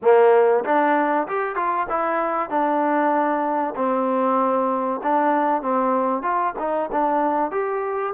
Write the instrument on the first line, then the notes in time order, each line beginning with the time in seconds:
trombone
0.02 A#3
0.64 D4
1.27 G4
1.55 F4
1.89 E4
2.49 D4
3.75 C4
5.03 D4
5.62 C4
6.22 F4
6.58 D#4
6.91 D4
7.51 G4